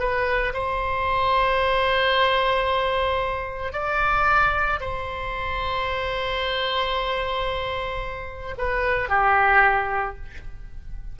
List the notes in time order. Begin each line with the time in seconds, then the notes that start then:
0.00 B4
0.54 C5
3.73 D5
4.80 C5
8.58 B4
9.09 G4